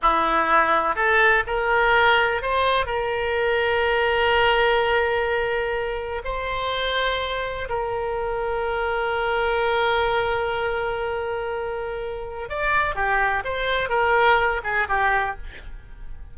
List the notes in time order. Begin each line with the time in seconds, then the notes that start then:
0.02 E4
0.95 A4
1.46 A#4
2.42 C5
2.86 A#4
6.24 C5
7.69 A#4
12.49 D5
12.95 G4
13.44 C5
13.89 A#4
14.63 G#4
14.88 G4